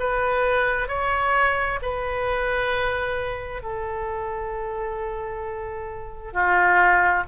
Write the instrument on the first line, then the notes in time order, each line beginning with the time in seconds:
oboe
0.00 B4
0.88 C#5
1.82 B4
3.63 A4
6.33 F4